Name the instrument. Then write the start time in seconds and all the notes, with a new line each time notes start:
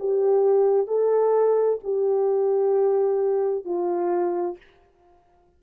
horn
0.00 G4
0.87 A4
1.84 G4
3.65 F4